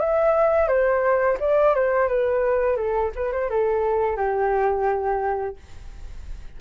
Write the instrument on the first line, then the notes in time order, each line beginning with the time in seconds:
flute
0.00 E5
0.68 C5
1.40 D5
1.75 C5
2.09 B4
2.77 A4
3.16 B4
3.32 C5
3.50 A4
4.17 G4